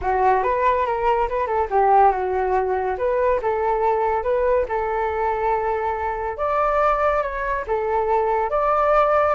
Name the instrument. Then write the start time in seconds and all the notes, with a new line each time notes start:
flute
0.01 F#4
0.43 B4
0.86 A#4
1.28 B4
1.46 A4
1.70 G4
2.11 F#4
2.98 B4
3.42 A4
4.23 B4
4.68 A4
6.37 D5
7.22 C#5
7.67 A4
8.50 D5